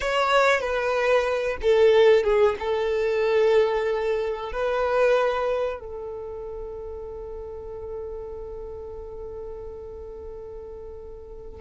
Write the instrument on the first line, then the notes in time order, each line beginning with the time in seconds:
violin
0.00 C#5
0.60 B4
1.61 A4
2.23 G#4
2.59 A4
4.52 B4
5.79 A4